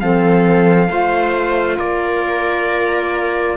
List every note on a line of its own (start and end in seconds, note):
0.00 0.89 F3
0.00 0.88 C4
0.00 0.90 A4
0.00 1.79 F5
0.88 1.79 A3
0.88 3.57 F4
0.88 1.77 C5
1.77 3.57 A#3
1.77 3.56 A#4
1.77 3.57 D5